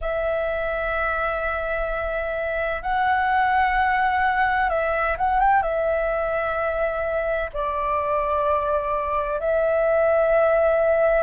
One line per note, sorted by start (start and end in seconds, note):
0.01 2.82 E5
2.82 4.69 F#5
4.69 5.16 E5
5.17 5.39 F#5
5.39 5.62 G5
5.62 7.50 E5
7.53 9.40 D5
9.40 11.23 E5